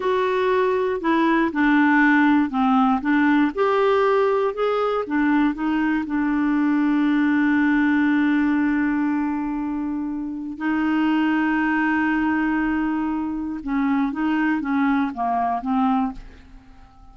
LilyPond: \new Staff \with { instrumentName = "clarinet" } { \time 4/4 \tempo 4 = 119 fis'2 e'4 d'4~ | d'4 c'4 d'4 g'4~ | g'4 gis'4 d'4 dis'4 | d'1~ |
d'1~ | d'4 dis'2.~ | dis'2. cis'4 | dis'4 cis'4 ais4 c'4 | }